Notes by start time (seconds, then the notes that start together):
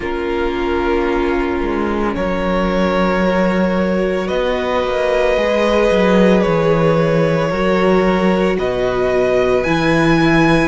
0.00 A#3 C#4 F4 A#4
1.62 G#3
2.14 F#3 A#4 C#5
3.23 F#4
4.27 B3 B4 D#5
4.83 A#3
5.37 G#3 G#4
5.91 F#3
6.42 E3 C#5
7.49 F#3 F#4 A#4
8.58 B2 B4 D#5
9.63 E3 E4 G#5